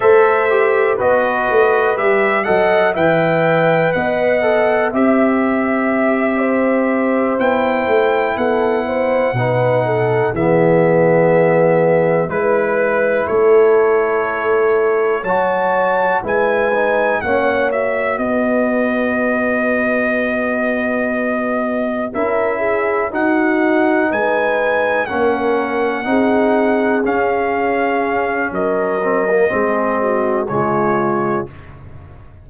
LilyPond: <<
  \new Staff \with { instrumentName = "trumpet" } { \time 4/4 \tempo 4 = 61 e''4 dis''4 e''8 fis''8 g''4 | fis''4 e''2~ e''8 g''8~ | g''8 fis''2 e''4.~ | e''8 b'4 cis''2 a''8~ |
a''8 gis''4 fis''8 e''8 dis''4.~ | dis''2~ dis''8 e''4 fis''8~ | fis''8 gis''4 fis''2 f''8~ | f''4 dis''2 cis''4 | }
  \new Staff \with { instrumentName = "horn" } { \time 4/4 c''4 b'4. dis''8 e''4 | dis''4 e''4. c''4.~ | c''8 a'8 c''8 b'8 a'8 gis'4.~ | gis'8 b'4 a'2 cis''8~ |
cis''8 b'4 cis''4 b'4.~ | b'2~ b'8 ais'8 gis'8 fis'8~ | fis'8 b'4 ais'4 gis'4.~ | gis'4 ais'4 gis'8 fis'8 f'4 | }
  \new Staff \with { instrumentName = "trombone" } { \time 4/4 a'8 g'8 fis'4 g'8 a'8 b'4~ | b'8 a'8 g'2~ g'8 e'8~ | e'4. dis'4 b4.~ | b8 e'2. fis'8~ |
fis'8 e'8 dis'8 cis'8 fis'2~ | fis'2~ fis'8 e'4 dis'8~ | dis'4. cis'4 dis'4 cis'8~ | cis'4. c'16 ais16 c'4 gis4 | }
  \new Staff \with { instrumentName = "tuba" } { \time 4/4 a4 b8 a8 g8 fis8 e4 | b4 c'2~ c'8 b8 | a8 b4 b,4 e4.~ | e8 gis4 a2 fis8~ |
fis8 gis4 ais4 b4.~ | b2~ b8 cis'4 dis'8~ | dis'8 gis4 ais4 c'4 cis'8~ | cis'4 fis4 gis4 cis4 | }
>>